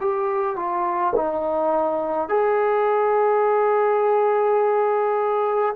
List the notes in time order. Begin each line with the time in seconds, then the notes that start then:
0.00 G4
0.56 F4
1.15 D#4
2.29 G#4